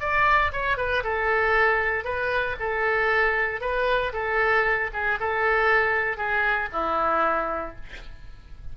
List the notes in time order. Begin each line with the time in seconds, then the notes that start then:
0.00 D5
0.53 C#5
0.77 B4
1.03 A4
2.04 B4
2.60 A4
3.61 B4
4.13 A4
4.93 G#4
5.20 A4
6.17 G#4
6.72 E4